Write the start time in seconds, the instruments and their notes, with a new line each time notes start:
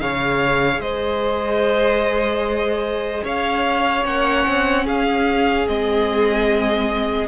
0.00 cello C#3, viola G#4, violin C#5 F5
0.79 cello G#3, violin C5 D#5
3.24 cello C#4, violin C#5 F5
4.02 cello A#3, viola C#4, violin F#5
4.46 cello C4
4.85 cello C#4, violin G#4 F5
5.66 cello G#3, viola C4, violin D#5